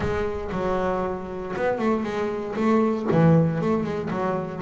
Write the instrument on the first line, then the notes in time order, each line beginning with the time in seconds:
double bass
0.00 G#3
0.51 F#3
1.56 B3
1.78 A3
2.03 G#3
2.55 A3
3.11 E3
3.61 A3
3.83 G#3
4.10 F#3